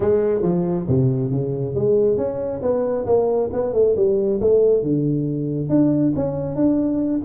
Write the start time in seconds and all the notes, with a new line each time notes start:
0.00 G#3
0.42 F3
0.88 C3
1.31 C#3
1.74 G#3
2.17 C#4
2.61 B3
3.06 A#3
3.53 B3
3.73 A3
3.96 G3
4.41 A3
4.82 D3
5.69 D4
6.15 C#4
6.55 D4